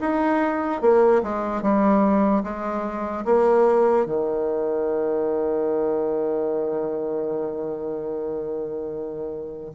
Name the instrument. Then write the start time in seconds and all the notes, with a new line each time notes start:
bassoon
0.00 D#4
0.81 A#3
1.22 G#3
1.62 G3
2.43 G#3
3.24 A#3
4.05 D#3